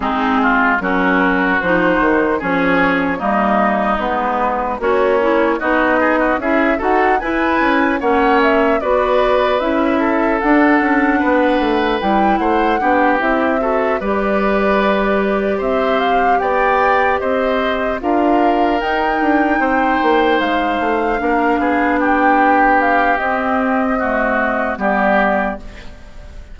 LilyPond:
<<
  \new Staff \with { instrumentName = "flute" } { \time 4/4 \tempo 4 = 75 gis'4 ais'4 c''4 cis''4 | dis''4 b'4 cis''4 dis''4 | e''8 fis''8 gis''4 fis''8 e''8 d''4 | e''4 fis''2 g''8 fis''8~ |
fis''8 e''4 d''2 e''8 | f''8 g''4 dis''4 f''4 g''8~ | g''4. f''2 g''8~ | g''8 f''8 dis''2 d''4 | }
  \new Staff \with { instrumentName = "oboe" } { \time 4/4 dis'8 f'8 fis'2 gis'4 | dis'2 cis'4 fis'8 gis'16 fis'16 | gis'8 a'8 b'4 cis''4 b'4~ | b'8 a'4. b'4. c''8 |
g'4 a'8 b'2 c''8~ | c''8 d''4 c''4 ais'4.~ | ais'8 c''2 ais'8 gis'8 g'8~ | g'2 fis'4 g'4 | }
  \new Staff \with { instrumentName = "clarinet" } { \time 4/4 c'4 cis'4 dis'4 cis'4 | ais4 b4 fis'8 e'8 dis'4 | e'8 fis'8 e'4 cis'4 fis'4 | e'4 d'2 e'4 |
d'8 e'8 fis'8 g'2~ g'8~ | g'2~ g'8 f'4 dis'8~ | dis'2~ dis'8 d'4.~ | d'4 c'4 a4 b4 | }
  \new Staff \with { instrumentName = "bassoon" } { \time 4/4 gis4 fis4 f8 dis8 f4 | g4 gis4 ais4 b4 | cis'8 dis'8 e'8 cis'8 ais4 b4 | cis'4 d'8 cis'8 b8 a8 g8 a8 |
b8 c'4 g2 c'8~ | c'8 b4 c'4 d'4 dis'8 | d'8 c'8 ais8 gis8 a8 ais8 b4~ | b4 c'2 g4 | }
>>